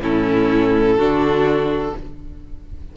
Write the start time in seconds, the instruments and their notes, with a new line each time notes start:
0.00 cello A2, viola C#4, violin E4 A4
0.96 cello D3, viola D4, violin F#4